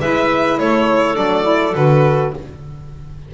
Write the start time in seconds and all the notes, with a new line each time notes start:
0.00 G#3 E4 B4 E5
0.59 A3 A4 C#5
1.14 F#3 D4 D5
1.43 E4
1.75 D3 F#4 B4